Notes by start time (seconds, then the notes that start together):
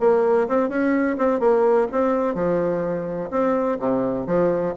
0.00 A#3
0.48 C4
0.69 C#4
1.18 C4
1.40 A#3
1.92 C4
2.34 F3
3.31 C4
3.79 C3
4.26 F3